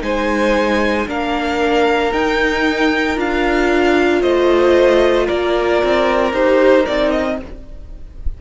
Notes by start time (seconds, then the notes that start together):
0.00 G#3 D#4 C5 G#5
1.07 A#3 D4 A#4 F5
2.11 D#4 G5
3.16 D4 F4 F5
4.22 A3 C5 D#5
5.27 A#3 A#4 D5
5.84 C4
6.32 D#4 G4 C5
6.84 C4 D#4 D5
7.12 D#5